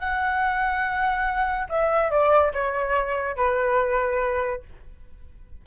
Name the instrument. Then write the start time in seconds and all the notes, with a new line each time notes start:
flute
0.00 F#5
1.70 E5
2.11 D5
2.54 C#5
3.37 B4